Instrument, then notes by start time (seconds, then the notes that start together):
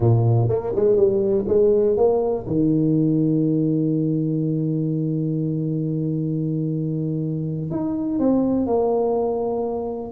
tuba
0.00 A#2
0.49 A#3
0.75 G#3
0.96 G3
1.48 G#3
1.96 A#3
2.46 D#3
7.70 D#4
8.19 C4
8.66 A#3